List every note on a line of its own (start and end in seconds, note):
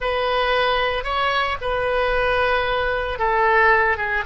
0.00 1.04 B4
1.04 1.57 C#5
1.61 3.18 B4
3.18 3.97 A4
3.97 4.23 G#4